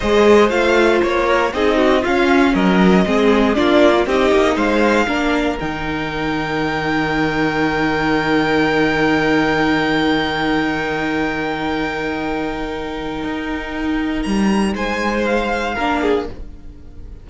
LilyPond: <<
  \new Staff \with { instrumentName = "violin" } { \time 4/4 \tempo 4 = 118 dis''4 f''4 cis''4 dis''4 | f''4 dis''2 d''4 | dis''4 f''2 g''4~ | g''1~ |
g''1~ | g''1~ | g''1 | ais''4 gis''4 f''2 | }
  \new Staff \with { instrumentName = "violin" } { \time 4/4 c''2~ c''8 ais'8 gis'8 fis'8 | f'4 ais'4 gis'4 f'4 | g'4 c''4 ais'2~ | ais'1~ |
ais'1~ | ais'1~ | ais'1~ | ais'4 c''2 ais'8 gis'8 | }
  \new Staff \with { instrumentName = "viola" } { \time 4/4 gis'4 f'2 dis'4 | cis'2 c'4 d'8. f'16 | dis'2 d'4 dis'4~ | dis'1~ |
dis'1~ | dis'1~ | dis'1~ | dis'2. d'4 | }
  \new Staff \with { instrumentName = "cello" } { \time 4/4 gis4 a4 ais4 c'4 | cis'4 fis4 gis4 ais4 | c'8 ais8 gis4 ais4 dis4~ | dis1~ |
dis1~ | dis1~ | dis2 dis'2 | g4 gis2 ais4 | }
>>